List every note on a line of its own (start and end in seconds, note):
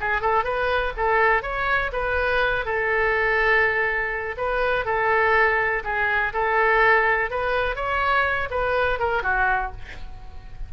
0.00 0.21 G#4
0.21 0.44 A4
0.44 0.93 B4
0.96 1.42 A4
1.42 1.91 C#5
1.92 2.65 B4
2.65 4.35 A4
4.37 4.85 B4
4.85 5.83 A4
5.84 6.33 G#4
6.33 7.30 A4
7.30 7.75 B4
7.75 8.49 C#5
8.50 8.99 B4
8.99 9.22 A#4
9.22 9.71 F#4